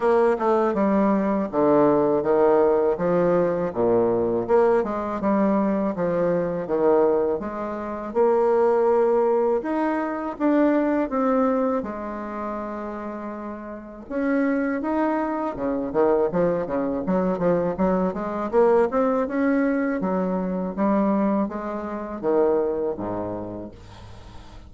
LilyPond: \new Staff \with { instrumentName = "bassoon" } { \time 4/4 \tempo 4 = 81 ais8 a8 g4 d4 dis4 | f4 ais,4 ais8 gis8 g4 | f4 dis4 gis4 ais4~ | ais4 dis'4 d'4 c'4 |
gis2. cis'4 | dis'4 cis8 dis8 f8 cis8 fis8 f8 | fis8 gis8 ais8 c'8 cis'4 fis4 | g4 gis4 dis4 gis,4 | }